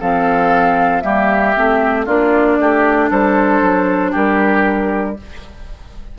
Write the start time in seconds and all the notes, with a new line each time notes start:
0.00 F3 C4 A4 F5
1.01 G3 A#3 G4 E5
1.56 A3 C4
2.06 A#3 D4 F4 D5
2.59 A3 G4
3.10 G3 A4 C5
3.62 F#3
4.12 G3 G4 A#4